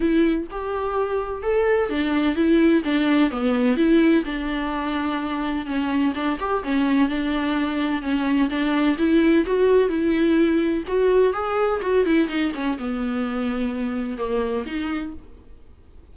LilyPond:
\new Staff \with { instrumentName = "viola" } { \time 4/4 \tempo 4 = 127 e'4 g'2 a'4 | d'4 e'4 d'4 b4 | e'4 d'2. | cis'4 d'8 g'8 cis'4 d'4~ |
d'4 cis'4 d'4 e'4 | fis'4 e'2 fis'4 | gis'4 fis'8 e'8 dis'8 cis'8 b4~ | b2 ais4 dis'4 | }